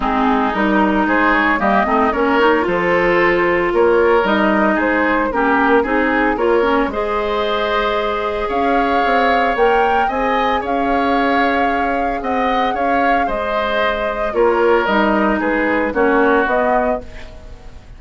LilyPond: <<
  \new Staff \with { instrumentName = "flute" } { \time 4/4 \tempo 4 = 113 gis'4 ais'4 c''8 cis''8 dis''4 | cis''4 c''2 cis''4 | dis''4 c''4 ais'4 gis'4 | cis''4 dis''2. |
f''2 g''4 gis''4 | f''2. fis''4 | f''4 dis''2 cis''4 | dis''4 b'4 cis''4 dis''4 | }
  \new Staff \with { instrumentName = "oboe" } { \time 4/4 dis'2 gis'4 g'8 dis'8 | ais'4 a'2 ais'4~ | ais'4 gis'4 g'4 gis'4 | ais'4 c''2. |
cis''2. dis''4 | cis''2. dis''4 | cis''4 c''2 ais'4~ | ais'4 gis'4 fis'2 | }
  \new Staff \with { instrumentName = "clarinet" } { \time 4/4 c'4 dis'2 ais8 c'8 | cis'8 dis'8 f'2. | dis'2 cis'4 dis'4 | f'8 cis'8 gis'2.~ |
gis'2 ais'4 gis'4~ | gis'1~ | gis'2. f'4 | dis'2 cis'4 b4 | }
  \new Staff \with { instrumentName = "bassoon" } { \time 4/4 gis4 g4 gis4 g8 a8 | ais4 f2 ais4 | g4 gis4 ais4 c'4 | ais4 gis2. |
cis'4 c'4 ais4 c'4 | cis'2. c'4 | cis'4 gis2 ais4 | g4 gis4 ais4 b4 | }
>>